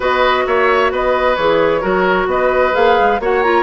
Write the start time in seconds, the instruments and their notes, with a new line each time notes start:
0.00 bassoon B3, clarinet F#4, oboe B4, flute D#5
0.46 bassoon A#3, oboe C#5, flute E5
0.91 bassoon B3, oboe B4, flute D#5
1.35 bassoon E3, clarinet G#4, flute C#5
1.80 bassoon F#3, clarinet F#4, oboe A#4
2.26 bassoon B3, oboe B4, flute D#5
2.72 bassoon A#3, clarinet G#4, flute F5
2.99 bassoon G#3
3.19 bassoon A#3, clarinet F#4, oboe C#5, flute F#5
3.42 clarinet F4, flute A#5